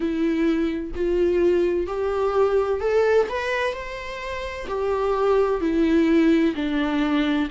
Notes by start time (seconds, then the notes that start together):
0.00 E4
0.95 F4
1.87 G4
2.80 A4
3.29 B4
3.73 C5
4.67 G4
5.60 E4
6.55 D4